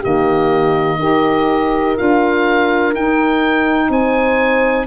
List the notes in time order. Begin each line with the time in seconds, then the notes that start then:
0.00 D#3 A#3 G4 D#5
0.98 D#4 G4 A#4
1.95 D4 F4 F5
2.94 D#4 G5
3.89 C4 C5 G#5